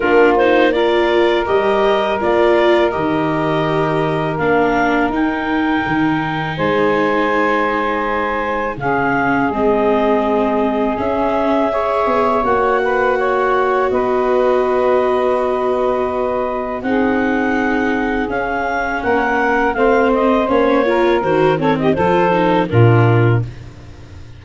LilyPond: <<
  \new Staff \with { instrumentName = "clarinet" } { \time 4/4 \tempo 4 = 82 ais'8 c''8 d''4 dis''4 d''4 | dis''2 f''4 g''4~ | g''4 gis''2. | f''4 dis''2 e''4~ |
e''4 fis''2 dis''4~ | dis''2. fis''4~ | fis''4 f''4 fis''4 f''8 dis''8 | cis''4 c''8 cis''16 dis''16 c''4 ais'4 | }
  \new Staff \with { instrumentName = "saxophone" } { \time 4/4 f'4 ais'2.~ | ais'1~ | ais'4 c''2. | gis'1 |
cis''4. b'8 cis''4 b'4~ | b'2. gis'4~ | gis'2 ais'4 c''4~ | c''8 ais'4 a'16 g'16 a'4 f'4 | }
  \new Staff \with { instrumentName = "viola" } { \time 4/4 d'8 dis'8 f'4 g'4 f'4 | g'2 d'4 dis'4~ | dis'1 | cis'4 c'2 cis'4 |
gis'4 fis'2.~ | fis'2. dis'4~ | dis'4 cis'2 c'4 | cis'8 f'8 fis'8 c'8 f'8 dis'8 d'4 | }
  \new Staff \with { instrumentName = "tuba" } { \time 4/4 ais2 g4 ais4 | dis2 ais4 dis'4 | dis4 gis2. | cis4 gis2 cis'4~ |
cis'8 b8 ais2 b4~ | b2. c'4~ | c'4 cis'4 ais4 a4 | ais4 dis4 f4 ais,4 | }
>>